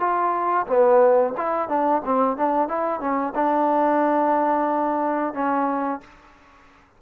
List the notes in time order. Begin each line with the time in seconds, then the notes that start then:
0.00 F4
0.68 B3
1.38 E4
1.69 D4
2.05 C4
2.37 D4
2.69 E4
3.01 C#4
3.35 D4
5.34 C#4